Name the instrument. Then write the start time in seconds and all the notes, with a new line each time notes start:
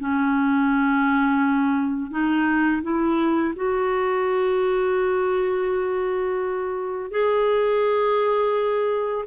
clarinet
0.00 C#4
2.11 D#4
2.82 E4
3.56 F#4
7.11 G#4